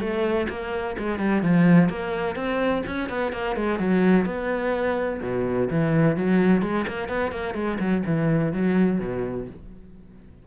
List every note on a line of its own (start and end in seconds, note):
0.00 0.47 A3
0.49 0.96 A#3
0.98 1.19 G#3
1.19 1.42 G3
1.42 1.89 F3
1.89 2.36 A#3
2.36 2.83 C4
2.86 3.09 C#4
3.09 3.32 B3
3.32 3.56 A#3
3.56 3.79 G#3
3.79 4.26 F#3
4.26 5.20 B3
5.22 5.69 B2
5.70 6.17 E3
6.17 6.62 F#3
6.62 6.85 G#3
6.88 7.08 A#3
7.08 7.31 B3
7.31 7.54 A#3
7.54 7.78 G#3
7.80 8.03 F#3
8.06 8.53 E3
8.53 8.99 F#3
8.99 9.47 B2